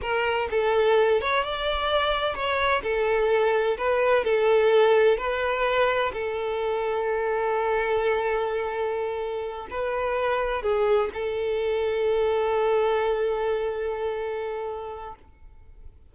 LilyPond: \new Staff \with { instrumentName = "violin" } { \time 4/4 \tempo 4 = 127 ais'4 a'4. cis''8 d''4~ | d''4 cis''4 a'2 | b'4 a'2 b'4~ | b'4 a'2.~ |
a'1~ | a'8 b'2 gis'4 a'8~ | a'1~ | a'1 | }